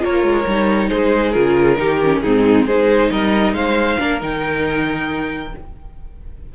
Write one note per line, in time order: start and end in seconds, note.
0.00 0.23 A#3
0.00 0.44 F4
0.00 0.90 A#4
0.00 0.90 C#5
0.23 0.45 G#3
0.47 0.91 G3
0.47 1.34 D#4
0.90 1.36 G#3
0.90 1.78 G#4
0.90 1.32 C5
1.32 1.79 C#3
1.32 1.78 F4
1.32 2.20 A#4
1.78 2.23 D#3
1.78 2.00 D#4
1.78 2.23 G4
2.04 2.26 C#4
2.22 2.67 G#2
2.22 2.69 C4
2.22 2.67 D#4
2.22 2.66 G#4
2.67 3.11 G#3
2.67 3.99 D#4
2.67 3.11 G#4
2.67 3.11 C5
3.11 3.53 G3
3.11 3.56 A#4
3.11 3.54 D#5
3.53 3.97 G#3
3.53 4.00 C5
3.53 4.20 F5
3.99 4.22 A#3
3.99 4.21 D4
3.99 5.54 A#4
4.21 5.55 D#3
4.21 5.53 D#4
4.21 5.56 G5